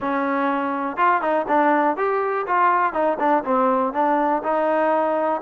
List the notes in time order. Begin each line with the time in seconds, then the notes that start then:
0.00 C#4
0.97 F4
1.21 D#4
1.48 D4
1.96 G4
2.47 F4
2.93 D#4
3.19 D4
3.44 C4
3.93 D4
4.43 D#4